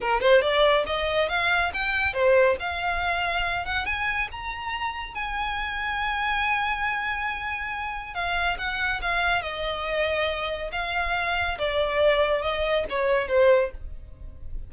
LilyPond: \new Staff \with { instrumentName = "violin" } { \time 4/4 \tempo 4 = 140 ais'8 c''8 d''4 dis''4 f''4 | g''4 c''4 f''2~ | f''8 fis''8 gis''4 ais''2 | gis''1~ |
gis''2. f''4 | fis''4 f''4 dis''2~ | dis''4 f''2 d''4~ | d''4 dis''4 cis''4 c''4 | }